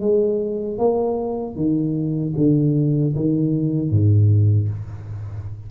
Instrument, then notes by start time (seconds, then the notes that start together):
tuba
0.00 G#3
0.78 A#3
1.55 D#3
2.37 D3
3.15 D#3
3.90 G#2